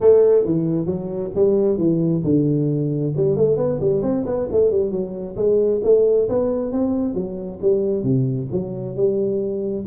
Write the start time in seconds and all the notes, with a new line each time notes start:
0.00 A3
0.45 E3
0.85 F#3
1.35 G3
1.77 E3
2.24 D3
3.16 G3
3.36 A3
3.56 B3
3.80 G3
4.02 C4
4.25 B3
4.51 A3
4.71 G3
4.91 F#3
5.36 G#3
5.83 A3
6.28 B3
6.72 C4
7.14 F#3
7.61 G3
8.03 C3
8.52 F#3
8.96 G3